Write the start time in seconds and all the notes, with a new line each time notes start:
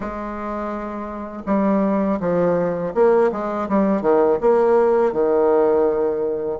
0.00 G#3
1.46 G3
2.20 F3
2.94 A#3
3.31 G#3
3.68 G3
4.01 D#3
4.40 A#3
5.12 D#3